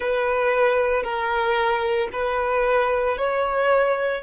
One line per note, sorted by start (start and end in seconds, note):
0.00 1.02 B4
1.03 2.08 A#4
2.12 3.17 B4
3.17 4.22 C#5